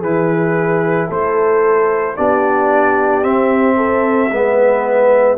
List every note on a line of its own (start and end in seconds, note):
0.00 1.08 E3
0.00 2.17 E4
0.00 1.07 G#4
0.00 1.10 B4
1.08 2.17 A3
1.08 2.15 A4
1.08 2.17 C5
2.17 3.25 B3
2.17 3.23 D4
2.17 3.77 G4
2.17 3.24 D5
3.23 4.30 C4
3.23 4.31 C4
3.23 5.38 E5
3.77 4.30 A4
4.31 5.38 G#3
4.31 5.38 B3
4.31 5.38 B4